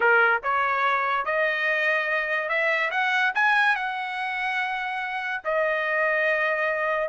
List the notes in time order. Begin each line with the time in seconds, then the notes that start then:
0.00 A#4
0.43 C#5
1.25 D#5
2.48 E5
2.91 F#5
3.34 G#5
3.75 F#5
5.44 D#5